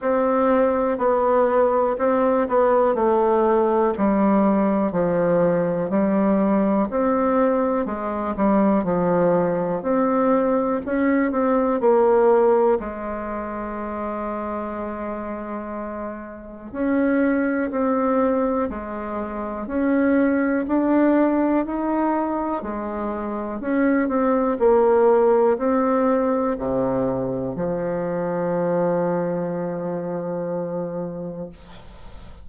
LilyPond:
\new Staff \with { instrumentName = "bassoon" } { \time 4/4 \tempo 4 = 61 c'4 b4 c'8 b8 a4 | g4 f4 g4 c'4 | gis8 g8 f4 c'4 cis'8 c'8 | ais4 gis2.~ |
gis4 cis'4 c'4 gis4 | cis'4 d'4 dis'4 gis4 | cis'8 c'8 ais4 c'4 c4 | f1 | }